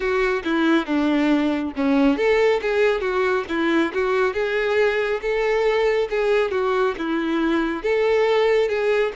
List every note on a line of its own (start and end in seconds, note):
0.00 0.43 F#4
0.44 0.86 E4
0.86 1.73 D4
1.76 2.17 C#4
2.17 2.60 A4
2.61 3.00 G#4
3.00 3.44 F#4
3.48 3.92 E4
3.93 4.33 F#4
4.33 5.20 G#4
5.21 6.08 A4
6.10 6.51 G#4
6.51 6.94 F#4
6.98 7.82 E4
7.82 8.68 A4
8.68 9.12 G#4